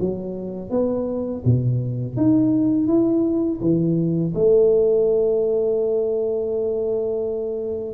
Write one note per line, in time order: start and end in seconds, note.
0.00 0.70 F#3
0.70 1.42 B3
1.45 2.16 B2
2.16 2.87 D#4
2.87 3.59 E4
3.60 4.33 E3
4.34 7.94 A3